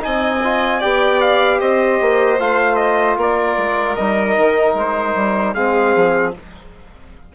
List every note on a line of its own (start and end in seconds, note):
0.00 0.83 C4
0.00 0.39 D#4
0.00 0.79 D#5
0.00 0.82 G#5
0.44 0.82 F4
0.79 1.61 B3
0.79 2.39 G4
0.79 1.58 D5
0.79 1.21 G5
1.21 1.60 F5
1.60 2.00 C4
1.60 3.18 C5
1.60 2.40 D#5
2.01 2.39 A#3
2.39 3.17 A3
2.39 3.97 F4
2.39 2.76 F5
2.76 3.15 D#5
3.17 3.56 A#3
3.17 5.54 A#4
3.17 3.96 D5
3.57 3.97 G#3
3.96 4.37 G3
3.96 5.56 D#4
3.96 4.75 D#5
4.37 4.74 D#3
4.74 5.13 G#3
4.74 5.54 C5
5.15 5.55 G3
5.54 5.95 G#3
5.54 6.35 C4
5.54 6.33 G#4
5.54 6.33 F5
5.96 6.35 F3